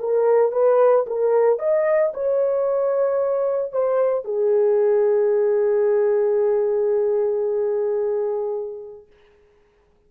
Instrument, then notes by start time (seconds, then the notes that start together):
horn
0.00 A#4
0.52 B4
1.07 A#4
1.60 D#5
2.14 C#5
3.73 C5
4.25 G#4